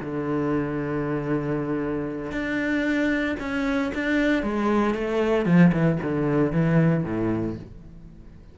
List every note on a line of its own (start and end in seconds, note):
0.00 2.31 D3
2.31 3.36 D4
3.39 3.92 C#4
3.94 4.43 D4
4.43 4.94 G#3
4.94 5.45 A3
5.45 5.71 F3
5.72 5.98 E3
6.02 6.52 D3
6.52 7.03 E3
7.03 7.56 A2